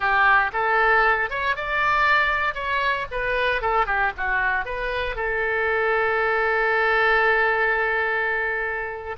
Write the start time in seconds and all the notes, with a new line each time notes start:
0.00 G4
0.53 A4
1.30 C#5
1.55 D5
2.54 C#5
3.11 B4
3.61 A4
3.85 G4
4.17 F#4
4.65 B4
5.15 A4